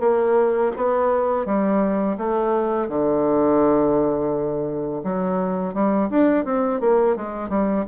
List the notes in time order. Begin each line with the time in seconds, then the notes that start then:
0.00 A#3
0.76 B3
1.45 G3
2.17 A3
2.88 D3
5.03 F#3
5.74 G3
6.10 D4
6.45 C4
6.80 A#3
7.16 G#3
7.49 G3